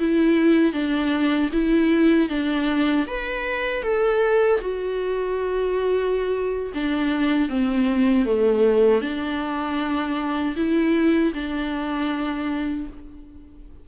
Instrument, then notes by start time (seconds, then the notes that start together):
viola
0.00 E4
0.73 D4
1.53 E4
2.30 D4
3.07 B4
3.83 A4
4.61 F#4
6.74 D4
7.49 C4
8.26 A3
9.02 D4
10.57 E4
11.34 D4